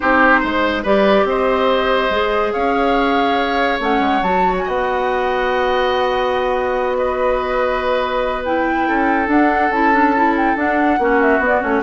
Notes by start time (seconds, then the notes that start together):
0.00 C4 D#4 G4 C5
0.40 G#3 C5
0.82 G3 G4 B4 D5
1.24 C4 C5 D#5
2.10 G#3 G#4
2.52 C#4 C#5 F5
3.80 A3 C#4 F#5
3.99 G#3
4.22 F#3 F#4 A5
4.57 G#5
4.65 B3 D#5 F#5
6.96 B4 D#5
8.44 E4 G5
8.87 C#4 A4
9.27 D4 F#5
9.69 C#4 E4 A5
9.92 D4
10.15 E4
10.37 G5
10.55 D4 F#5
10.98 A#3 C#4 F#4
11.21 E5
11.39 B3
11.46 D5
11.61 A3 C#4 C#5